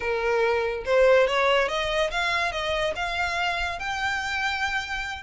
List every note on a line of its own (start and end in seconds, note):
0.00 0.84 A#4
0.85 1.27 C5
1.27 1.68 C#5
1.68 2.10 D#5
2.11 2.52 F5
2.52 2.94 D#5
2.95 3.79 F5
3.79 5.23 G5